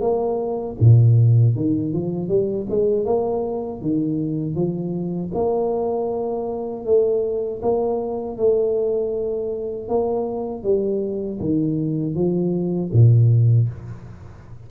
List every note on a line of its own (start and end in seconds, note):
0.00 0.76 A#3
0.79 1.55 A#2
1.55 1.93 D#3
1.93 2.28 F3
2.28 2.66 G3
2.69 3.05 G#3
3.05 3.81 A#3
3.81 4.55 D#3
4.55 5.31 F3
5.34 6.85 A#3
6.85 7.61 A3
7.62 8.37 A#3
8.37 9.88 A3
9.88 10.63 A#3
10.63 11.39 G3
11.40 12.14 D#3
12.14 12.90 F3
12.93 13.68 A#2